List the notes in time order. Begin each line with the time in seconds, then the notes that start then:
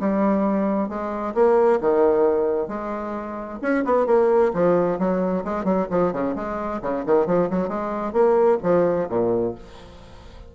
0.00 G3
0.89 G#3
1.34 A#3
1.81 D#3
2.68 G#3
3.62 C#4
3.85 B3
4.06 A#3
4.54 F3
4.99 F#3
5.44 G#3
5.64 F#3
5.90 F3
6.13 C#3
6.36 G#3
6.82 C#3
7.06 D#3
7.26 F3
7.50 F#3
7.68 G#3
8.13 A#3
8.63 F3
9.09 A#2